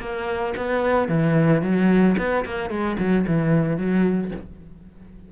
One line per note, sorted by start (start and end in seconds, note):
0.00 0.54 A#3
0.57 1.09 B3
1.09 1.62 E3
1.62 2.16 F#3
2.18 2.45 B3
2.46 2.70 A#3
2.70 2.97 G#3
2.99 3.26 F#3
3.27 3.78 E3
3.78 4.32 F#3